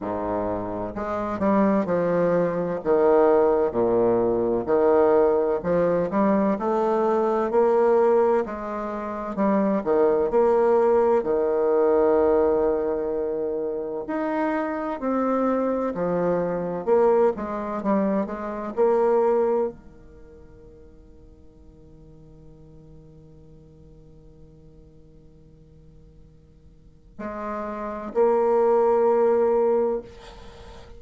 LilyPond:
\new Staff \with { instrumentName = "bassoon" } { \time 4/4 \tempo 4 = 64 gis,4 gis8 g8 f4 dis4 | ais,4 dis4 f8 g8 a4 | ais4 gis4 g8 dis8 ais4 | dis2. dis'4 |
c'4 f4 ais8 gis8 g8 gis8 | ais4 dis2.~ | dis1~ | dis4 gis4 ais2 | }